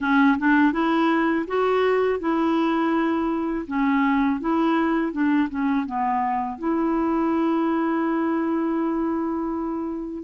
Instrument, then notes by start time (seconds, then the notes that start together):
clarinet
0.00 C#4
0.38 D4
0.72 E4
1.47 F#4
2.19 E4
3.67 C#4
4.40 E4
5.12 D4
5.49 C#4
5.86 B3
6.58 E4